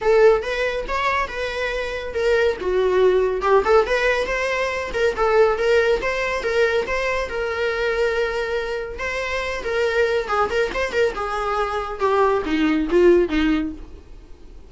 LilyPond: \new Staff \with { instrumentName = "viola" } { \time 4/4 \tempo 4 = 140 a'4 b'4 cis''4 b'4~ | b'4 ais'4 fis'2 | g'8 a'8 b'4 c''4. ais'8 | a'4 ais'4 c''4 ais'4 |
c''4 ais'2.~ | ais'4 c''4. ais'4. | gis'8 ais'8 c''8 ais'8 gis'2 | g'4 dis'4 f'4 dis'4 | }